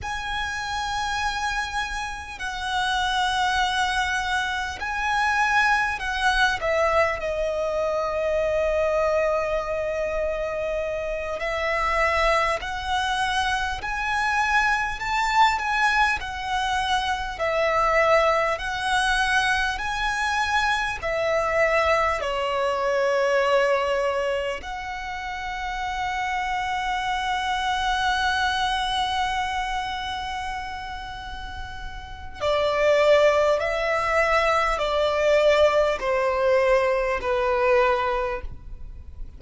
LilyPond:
\new Staff \with { instrumentName = "violin" } { \time 4/4 \tempo 4 = 50 gis''2 fis''2 | gis''4 fis''8 e''8 dis''2~ | dis''4. e''4 fis''4 gis''8~ | gis''8 a''8 gis''8 fis''4 e''4 fis''8~ |
fis''8 gis''4 e''4 cis''4.~ | cis''8 fis''2.~ fis''8~ | fis''2. d''4 | e''4 d''4 c''4 b'4 | }